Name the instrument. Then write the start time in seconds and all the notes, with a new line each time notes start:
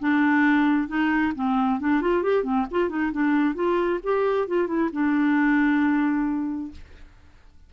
clarinet
0.00 D4
0.88 D#4
1.35 C4
1.80 D4
2.01 F4
2.23 G4
2.44 C4
2.71 F4
2.89 D#4
3.12 D4
3.55 F4
4.03 G4
4.48 F4
4.68 E4
4.93 D4